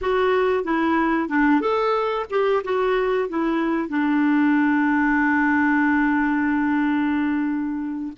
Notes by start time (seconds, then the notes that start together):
0.01 F#4
0.64 E4
1.29 D4
1.60 A4
2.30 G4
2.64 F#4
3.28 E4
3.89 D4